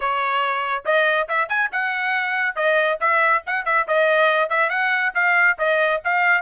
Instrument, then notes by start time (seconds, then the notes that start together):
trumpet
0.00 C#5
0.85 D#5
1.28 E5
1.48 G#5
1.71 F#5
2.55 D#5
3.00 E5
3.46 F#5
3.65 E5
3.87 D#5
4.49 E5
4.69 F#5
5.14 F5
5.58 D#5
6.04 F5